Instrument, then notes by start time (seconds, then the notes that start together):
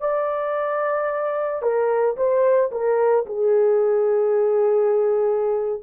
horn
0.00 D5
1.62 A#4
2.16 C5
2.71 A#4
3.26 G#4